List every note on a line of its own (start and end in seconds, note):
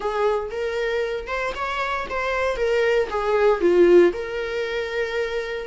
0.00 0.49 G#4
0.50 1.27 A#4
1.27 1.53 C5
1.55 2.07 C#5
2.09 2.56 C5
2.56 3.08 A#4
3.09 3.60 G#4
3.60 4.12 F4
4.12 5.67 A#4